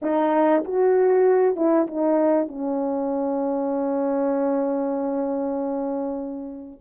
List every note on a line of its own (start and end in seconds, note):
0.02 0.64 D#4
0.64 1.55 F#4
1.55 1.86 E4
1.87 2.48 D#4
2.48 6.80 C#4